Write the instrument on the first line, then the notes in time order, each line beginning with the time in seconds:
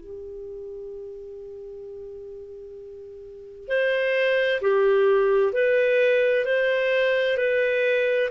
clarinet
0.00 G4
3.68 C5
4.61 G4
5.53 B4
6.45 C5
7.37 B4